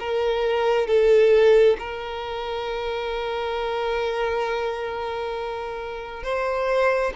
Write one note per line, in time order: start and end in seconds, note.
0.00 0.88 A#4
0.88 1.77 A4
1.79 6.24 A#4
6.24 7.13 C5